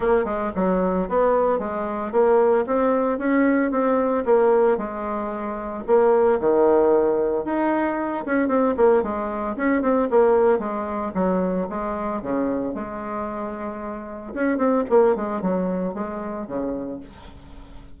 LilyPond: \new Staff \with { instrumentName = "bassoon" } { \time 4/4 \tempo 4 = 113 ais8 gis8 fis4 b4 gis4 | ais4 c'4 cis'4 c'4 | ais4 gis2 ais4 | dis2 dis'4. cis'8 |
c'8 ais8 gis4 cis'8 c'8 ais4 | gis4 fis4 gis4 cis4 | gis2. cis'8 c'8 | ais8 gis8 fis4 gis4 cis4 | }